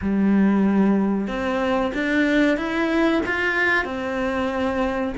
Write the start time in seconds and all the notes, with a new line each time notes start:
0.01 G3
1.27 C4
1.94 D4
2.57 E4
3.26 F4
3.84 C4